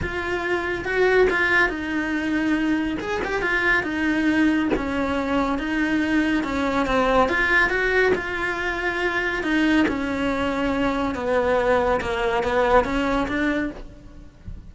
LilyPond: \new Staff \with { instrumentName = "cello" } { \time 4/4 \tempo 4 = 140 f'2 fis'4 f'4 | dis'2. gis'8 g'8 | f'4 dis'2 cis'4~ | cis'4 dis'2 cis'4 |
c'4 f'4 fis'4 f'4~ | f'2 dis'4 cis'4~ | cis'2 b2 | ais4 b4 cis'4 d'4 | }